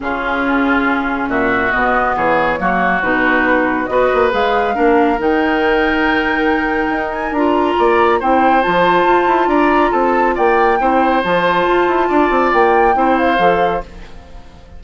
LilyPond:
<<
  \new Staff \with { instrumentName = "flute" } { \time 4/4 \tempo 4 = 139 gis'2. e''4 | dis''4 cis''2 b'4~ | b'4 dis''4 f''2 | g''1~ |
g''8 gis''8 ais''2 g''4 | a''2 ais''4 a''4 | g''2 a''2~ | a''4 g''4. f''4. | }
  \new Staff \with { instrumentName = "oboe" } { \time 4/4 f'2. fis'4~ | fis'4 gis'4 fis'2~ | fis'4 b'2 ais'4~ | ais'1~ |
ais'2 d''4 c''4~ | c''2 d''4 a'4 | d''4 c''2. | d''2 c''2 | }
  \new Staff \with { instrumentName = "clarinet" } { \time 4/4 cis'1 | b2 ais4 dis'4~ | dis'4 fis'4 gis'4 d'4 | dis'1~ |
dis'4 f'2 e'4 | f'1~ | f'4 e'4 f'2~ | f'2 e'4 a'4 | }
  \new Staff \with { instrumentName = "bassoon" } { \time 4/4 cis2. ais,4 | b,4 e4 fis4 b,4~ | b,4 b8 ais8 gis4 ais4 | dis1 |
dis'4 d'4 ais4 c'4 | f4 f'8 e'8 d'4 c'4 | ais4 c'4 f4 f'8 e'8 | d'8 c'8 ais4 c'4 f4 | }
>>